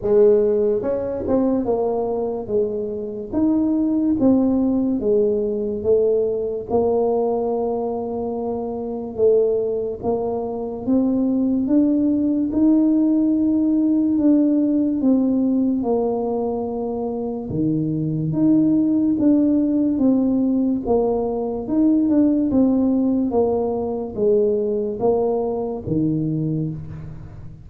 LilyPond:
\new Staff \with { instrumentName = "tuba" } { \time 4/4 \tempo 4 = 72 gis4 cis'8 c'8 ais4 gis4 | dis'4 c'4 gis4 a4 | ais2. a4 | ais4 c'4 d'4 dis'4~ |
dis'4 d'4 c'4 ais4~ | ais4 dis4 dis'4 d'4 | c'4 ais4 dis'8 d'8 c'4 | ais4 gis4 ais4 dis4 | }